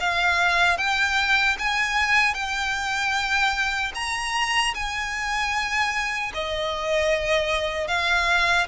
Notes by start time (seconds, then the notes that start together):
0.00 F5
0.78 G5
1.59 G#5
2.34 G5
3.95 A#5
4.74 G#5
6.34 D#5
7.88 F5